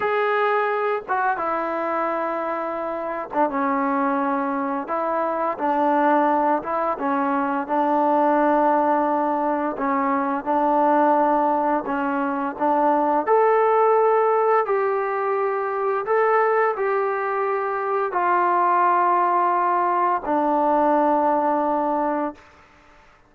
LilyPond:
\new Staff \with { instrumentName = "trombone" } { \time 4/4 \tempo 4 = 86 gis'4. fis'8 e'2~ | e'8. d'16 cis'2 e'4 | d'4. e'8 cis'4 d'4~ | d'2 cis'4 d'4~ |
d'4 cis'4 d'4 a'4~ | a'4 g'2 a'4 | g'2 f'2~ | f'4 d'2. | }